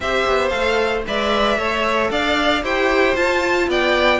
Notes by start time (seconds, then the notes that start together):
0.00 C4 G4 C5 E5
0.26 B3
0.49 A3 A4 F5
1.06 G#3 B4 D5 E5
1.57 A3 A4 C#5
2.10 D4 D5 F5
2.62 E4 G4 C5 G5
3.16 F4 A5
3.68 B3 D5 G5